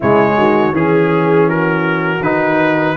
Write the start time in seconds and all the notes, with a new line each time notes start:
0.00 C#3 G#3 E4 C#5
0.37 D#3 F#4
0.71 E3 C#4 G#4
1.48 F#4 A#4
2.21 D#3 D#4 B4